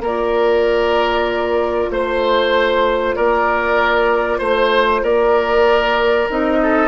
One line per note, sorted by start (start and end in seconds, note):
0.00 1.88 A#3
0.00 6.27 F4
0.00 1.90 A#4
0.00 1.91 D5
1.90 3.15 A3
1.90 3.15 C5
1.90 3.16 C5
3.15 4.40 A#3
3.15 4.39 A#4
3.15 4.40 D5
4.39 5.02 A3
4.39 5.01 C5
4.39 5.04 C5
5.03 6.28 A#3
5.03 6.59 A#4
5.03 6.29 D5
6.30 6.88 C4
6.30 6.88 D#4
6.30 6.88 D#5
6.62 6.88 A4